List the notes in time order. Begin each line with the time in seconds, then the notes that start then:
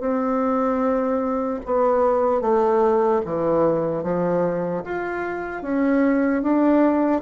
0.00 C4
1.66 B3
2.41 A3
3.25 E3
4.03 F3
4.85 F4
5.63 C#4
6.43 D4